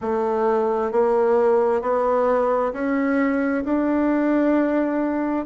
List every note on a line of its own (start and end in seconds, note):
0.01 0.91 A3
0.91 1.81 A#3
1.81 2.72 B3
2.73 3.64 C#4
3.64 5.45 D4